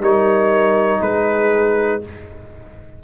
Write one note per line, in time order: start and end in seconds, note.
0.00 1.00 G3
0.00 2.01 D#4
0.00 1.01 A#4
0.00 1.01 C#5
1.01 2.01 G#3
1.01 2.03 G#4
1.01 2.01 B4